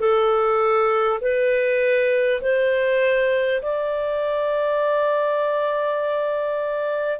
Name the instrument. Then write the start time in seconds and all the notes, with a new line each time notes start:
clarinet
0.00 A4
1.21 B4
2.41 C5
3.62 D5